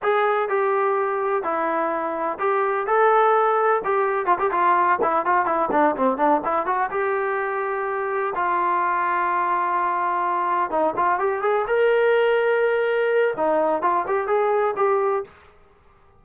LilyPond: \new Staff \with { instrumentName = "trombone" } { \time 4/4 \tempo 4 = 126 gis'4 g'2 e'4~ | e'4 g'4 a'2 | g'4 f'16 g'16 f'4 e'8 f'8 e'8 | d'8 c'8 d'8 e'8 fis'8 g'4.~ |
g'4. f'2~ f'8~ | f'2~ f'8 dis'8 f'8 g'8 | gis'8 ais'2.~ ais'8 | dis'4 f'8 g'8 gis'4 g'4 | }